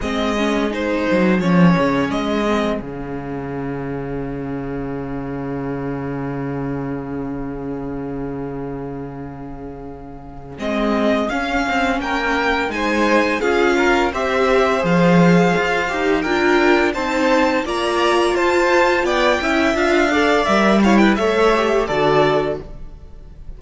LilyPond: <<
  \new Staff \with { instrumentName = "violin" } { \time 4/4 \tempo 4 = 85 dis''4 c''4 cis''4 dis''4 | f''1~ | f''1~ | f''2. dis''4 |
f''4 g''4 gis''4 f''4 | e''4 f''2 g''4 | a''4 ais''4 a''4 g''4 | f''4 e''8 f''16 g''16 e''4 d''4 | }
  \new Staff \with { instrumentName = "violin" } { \time 4/4 gis'1~ | gis'1~ | gis'1~ | gis'1~ |
gis'4 ais'4 c''4 gis'8 ais'8 | c''2. ais'4 | c''4 d''4 c''4 d''8 e''8~ | e''8 d''4 cis''16 b'16 cis''4 a'4 | }
  \new Staff \with { instrumentName = "viola" } { \time 4/4 c'8 cis'8 dis'4 cis'4. c'8 | cis'1~ | cis'1~ | cis'2. c'4 |
cis'2 dis'4 f'4 | g'4 gis'4. g'8 f'4 | dis'4 f'2~ f'8 e'8 | f'8 a'8 ais'8 e'8 a'8 g'8 fis'4 | }
  \new Staff \with { instrumentName = "cello" } { \time 4/4 gis4. fis8 f8 cis8 gis4 | cis1~ | cis1~ | cis2. gis4 |
cis'8 c'8 ais4 gis4 cis'4 | c'4 f4 f'8 dis'8 d'4 | c'4 ais4 f'4 b8 cis'8 | d'4 g4 a4 d4 | }
>>